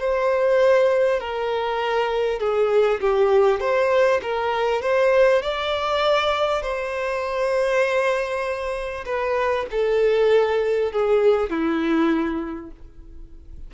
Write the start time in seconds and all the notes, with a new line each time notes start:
0.00 C5
1.20 A#4
2.40 G#4
3.01 G4
3.60 C5
4.23 A#4
4.82 C5
5.42 D5
6.63 C5
9.06 B4
9.71 A4
10.93 G#4
11.50 E4